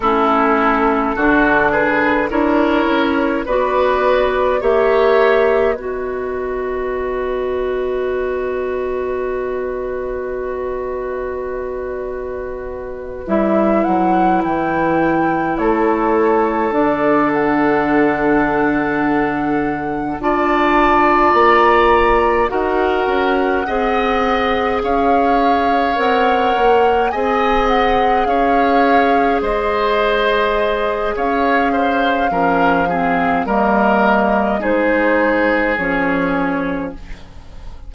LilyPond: <<
  \new Staff \with { instrumentName = "flute" } { \time 4/4 \tempo 4 = 52 a'4. b'8 cis''4 d''4 | e''4 dis''2.~ | dis''2.~ dis''8 e''8 | fis''8 g''4 cis''4 d''8 fis''4~ |
fis''4. a''4 ais''4 fis''8~ | fis''4. f''4 fis''4 gis''8 | fis''8 f''4 dis''4. f''4~ | f''4 dis''4 c''4 cis''4 | }
  \new Staff \with { instrumentName = "oboe" } { \time 4/4 e'4 fis'8 gis'8 ais'4 b'4 | cis''4 b'2.~ | b'1~ | b'4. a'2~ a'8~ |
a'4. d''2 ais'8~ | ais'8 dis''4 cis''2 dis''8~ | dis''8 cis''4 c''4. cis''8 c''8 | ais'8 gis'8 ais'4 gis'2 | }
  \new Staff \with { instrumentName = "clarinet" } { \time 4/4 cis'4 d'4 e'4 fis'4 | g'4 fis'2.~ | fis'2.~ fis'8 e'8~ | e'2~ e'8 d'4.~ |
d'4. f'2 fis'8~ | fis'8 gis'2 ais'4 gis'8~ | gis'1 | cis'8 c'8 ais4 dis'4 cis'4 | }
  \new Staff \with { instrumentName = "bassoon" } { \time 4/4 a4 d4 d'8 cis'8 b4 | ais4 b2.~ | b2.~ b8 g8 | fis8 e4 a4 d4.~ |
d4. d'4 ais4 dis'8 | cis'8 c'4 cis'4 c'8 ais8 c'8~ | c'8 cis'4 gis4. cis'4 | f4 g4 gis4 f4 | }
>>